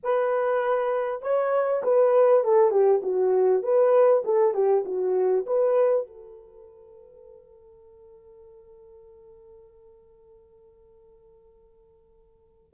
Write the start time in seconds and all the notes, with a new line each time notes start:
0.03 B4
1.21 C#5
1.83 B4
2.44 A4
2.70 G4
3.02 F#4
3.62 B4
4.24 A4
4.53 G4
4.85 F#4
5.46 B4
6.07 A4